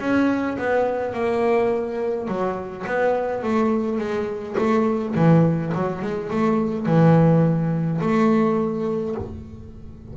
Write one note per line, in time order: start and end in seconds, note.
0.00 0.57 C#4
0.58 1.14 B3
1.14 2.28 A#3
2.28 2.85 F#3
2.87 3.43 B3
3.43 3.98 A3
3.98 4.56 G#3
4.58 5.15 A3
5.15 5.72 E3
5.74 6.02 F#3
6.02 6.30 G#3
6.30 6.86 A3
6.86 8.01 E3
8.01 9.15 A3